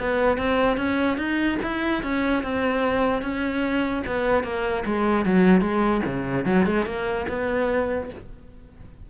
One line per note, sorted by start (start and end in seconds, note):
0.00 0.37 B3
0.37 0.77 C4
0.77 1.18 C#4
1.18 1.58 D#4
1.63 2.03 E4
2.03 2.43 C#4
2.43 3.22 C4
3.22 4.03 C#4
4.07 4.43 B3
4.43 4.84 A#3
4.85 5.25 G#3
5.25 5.61 F#3
5.61 6.02 G#3
6.06 6.46 C#3
6.46 6.66 F#3
6.66 6.86 G#3
6.86 7.26 A#3
7.29 8.10 B3